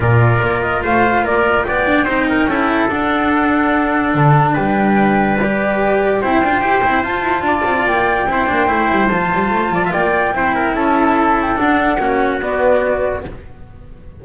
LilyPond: <<
  \new Staff \with { instrumentName = "flute" } { \time 4/4 \tempo 4 = 145 d''4. dis''8 f''4 d''4 | g''2. fis''4~ | fis''2 a''4 g''4~ | g''4 d''2 g''4~ |
g''4 a''2 g''4~ | g''2 a''2 | g''2 a''4. g''8 | fis''2 d''2 | }
  \new Staff \with { instrumentName = "trumpet" } { \time 4/4 ais'2 c''4 ais'4 | d''4 c''8 ais'8 a'2~ | a'2. b'4~ | b'2. c''4~ |
c''2 d''2 | c''2.~ c''8 d''16 e''16 | d''4 c''8 ais'8 a'2~ | a'4 fis'2. | }
  \new Staff \with { instrumentName = "cello" } { \time 4/4 f'1~ | f'8 d'8 dis'4 e'4 d'4~ | d'1~ | d'4 g'2 e'8 f'8 |
g'8 e'8 f'2. | e'8 d'8 e'4 f'2~ | f'4 e'2. | d'4 cis'4 b2 | }
  \new Staff \with { instrumentName = "double bass" } { \time 4/4 ais,4 ais4 a4 ais4 | b4 c'4 cis'4 d'4~ | d'2 d4 g4~ | g2. c'8 d'8 |
e'8 c'8 f'8 e'8 d'8 c'8 ais4 | c'8 ais8 a8 g8 f8 g8 a8 f8 | ais4 c'4 cis'2 | d'4 ais4 b2 | }
>>